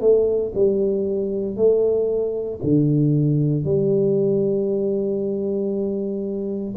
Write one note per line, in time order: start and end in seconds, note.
0.00 0.52 A3
0.55 1.56 G3
1.56 2.60 A3
2.63 3.64 D3
3.64 6.74 G3